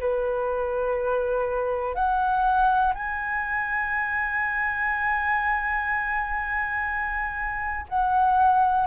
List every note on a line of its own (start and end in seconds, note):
0.00 1.94 B4
1.94 2.93 F#5
2.94 7.86 G#5
7.89 8.86 F#5